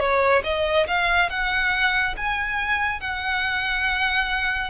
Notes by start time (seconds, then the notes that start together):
0.00 C#5
0.44 D#5
0.87 F5
1.30 F#5
2.17 G#5
3.01 F#5